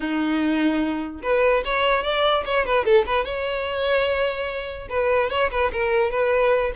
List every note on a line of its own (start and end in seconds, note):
0.00 1.22 D#4
1.22 1.63 B4
1.65 2.03 C#5
2.03 2.44 D5
2.45 2.65 C#5
2.65 2.84 B4
2.84 3.05 A4
3.06 3.24 B4
3.24 4.88 C#5
4.89 5.29 B4
5.30 5.50 C#5
5.51 5.71 B4
5.72 6.10 A#4
6.10 6.71 B4